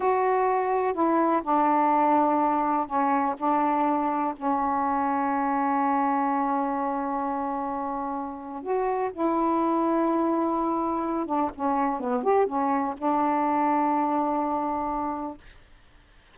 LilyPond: \new Staff \with { instrumentName = "saxophone" } { \time 4/4 \tempo 4 = 125 fis'2 e'4 d'4~ | d'2 cis'4 d'4~ | d'4 cis'2.~ | cis'1~ |
cis'2 fis'4 e'4~ | e'2.~ e'8 d'8 | cis'4 b8 g'8 cis'4 d'4~ | d'1 | }